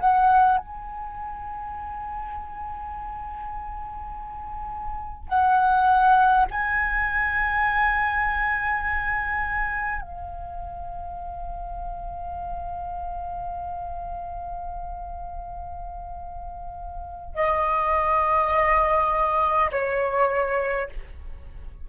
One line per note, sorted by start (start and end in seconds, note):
0.00 0.58 F#5
0.58 5.28 G#5
5.28 6.46 F#5
6.51 10.02 G#5
10.02 17.35 F5
17.35 19.71 D#5
19.72 20.89 C#5